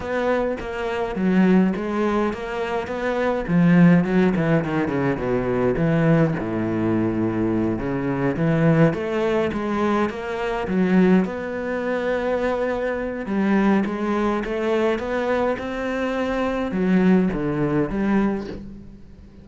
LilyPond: \new Staff \with { instrumentName = "cello" } { \time 4/4 \tempo 4 = 104 b4 ais4 fis4 gis4 | ais4 b4 f4 fis8 e8 | dis8 cis8 b,4 e4 a,4~ | a,4. cis4 e4 a8~ |
a8 gis4 ais4 fis4 b8~ | b2. g4 | gis4 a4 b4 c'4~ | c'4 fis4 d4 g4 | }